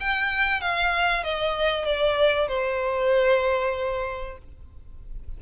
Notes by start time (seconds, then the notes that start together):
0.00 G5
0.61 F5
1.24 D#5
1.85 D5
2.48 C5